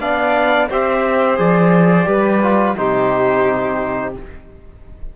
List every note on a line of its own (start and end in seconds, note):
0.00 0.69 B3
0.00 0.69 D4
0.00 0.69 D5
0.00 0.70 F5
0.69 1.38 C4
0.69 1.36 G4
0.69 2.07 C5
0.69 1.39 E5
1.36 2.06 F3
1.36 2.05 G#4
1.36 2.77 D5
2.05 2.75 G3
2.05 2.39 G4
2.05 2.76 B4
2.42 2.77 F4
2.77 4.16 C3
2.77 4.15 D#4
2.77 4.16 G4
2.77 4.15 C5